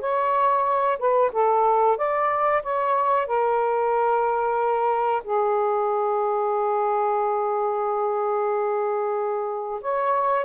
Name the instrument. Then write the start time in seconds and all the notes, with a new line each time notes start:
saxophone
0.00 C#5
0.99 B4
1.33 A4
1.97 D5
2.63 C#5
3.27 A#4
5.24 G#4
9.82 C#5